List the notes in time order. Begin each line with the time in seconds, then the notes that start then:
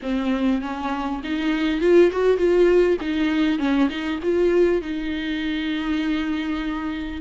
0.02 C4
0.61 C#4
1.23 D#4
1.80 F4
2.11 F#4
2.37 F4
3.00 D#4
3.58 C#4
3.89 D#4
4.22 F4
4.81 D#4